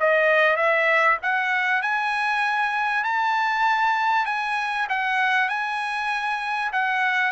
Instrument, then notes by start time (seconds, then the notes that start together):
trumpet
0.00 D#5
0.56 E5
1.22 F#5
1.82 G#5
3.04 A5
4.26 G#5
4.89 F#5
5.49 G#5
6.72 F#5